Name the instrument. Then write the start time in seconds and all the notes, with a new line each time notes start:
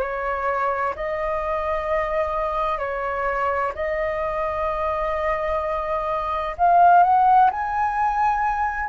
flute
0.00 C#5
0.95 D#5
2.78 C#5
3.74 D#5
6.57 F5
7.03 F#5
7.50 G#5